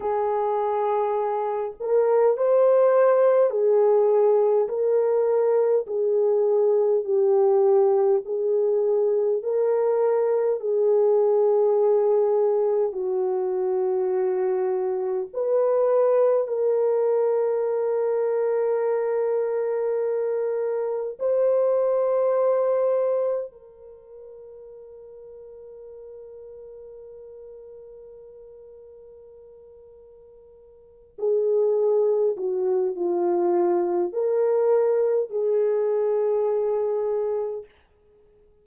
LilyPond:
\new Staff \with { instrumentName = "horn" } { \time 4/4 \tempo 4 = 51 gis'4. ais'8 c''4 gis'4 | ais'4 gis'4 g'4 gis'4 | ais'4 gis'2 fis'4~ | fis'4 b'4 ais'2~ |
ais'2 c''2 | ais'1~ | ais'2~ ais'8 gis'4 fis'8 | f'4 ais'4 gis'2 | }